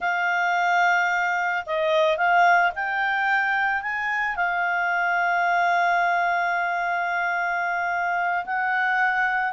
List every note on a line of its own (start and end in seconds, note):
0.00 1.64 F5
1.66 2.17 D#5
2.17 2.71 F5
2.75 3.82 G5
3.82 4.36 G#5
4.36 8.45 F5
8.45 9.53 F#5